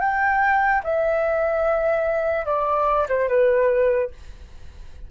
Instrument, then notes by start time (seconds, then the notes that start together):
flute
0.00 G5
0.84 E5
2.45 D5
3.09 C5
3.28 B4